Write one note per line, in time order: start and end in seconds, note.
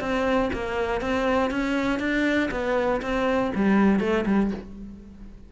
0.00 0.50 C4
0.53 1.01 A#3
1.01 1.50 C4
1.50 1.99 C#4
1.99 2.49 D4
2.51 3.01 B3
3.02 3.52 C4
3.55 4.00 G3
4.00 4.25 A3
4.26 4.51 G3